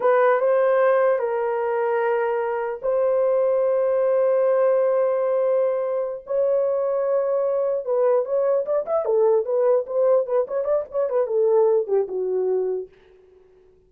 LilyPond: \new Staff \with { instrumentName = "horn" } { \time 4/4 \tempo 4 = 149 b'4 c''2 ais'4~ | ais'2. c''4~ | c''1~ | c''2.~ c''8 cis''8~ |
cis''2.~ cis''8 b'8~ | b'8 cis''4 d''8 e''8 a'4 b'8~ | b'8 c''4 b'8 cis''8 d''8 cis''8 b'8 | a'4. g'8 fis'2 | }